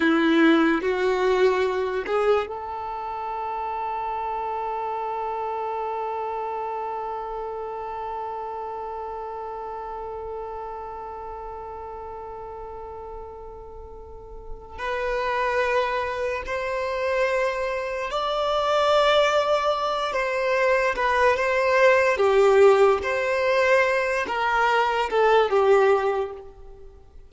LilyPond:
\new Staff \with { instrumentName = "violin" } { \time 4/4 \tempo 4 = 73 e'4 fis'4. gis'8 a'4~ | a'1~ | a'1~ | a'1~ |
a'2 b'2 | c''2 d''2~ | d''8 c''4 b'8 c''4 g'4 | c''4. ais'4 a'8 g'4 | }